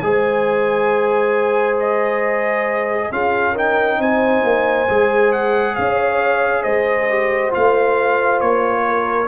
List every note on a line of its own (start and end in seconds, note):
0.00 3.11 G#3
0.00 3.12 G#4
0.00 3.12 C5
0.00 1.76 G#5
1.80 3.12 D#5
3.11 3.99 C#4
3.11 3.55 F4
3.11 3.53 G#4
3.11 3.56 F5
3.53 4.88 D#4
3.53 3.97 A#4
3.53 4.02 G5
3.99 4.43 C4
3.99 5.77 C5
3.99 5.33 G#5
4.44 4.88 A#3
4.89 5.78 G#3
4.89 7.09 G#4
5.33 5.75 F#5
5.75 6.65 C#4
5.75 6.62 C#5
5.75 6.63 F5
6.62 7.53 G#3
6.62 8.83 C5
6.62 7.51 D#5
7.09 7.50 G4
7.50 8.41 A3
7.50 9.27 F4
7.50 8.41 F5
8.41 9.28 A#3
8.41 9.28 C#5
8.86 9.28 A#4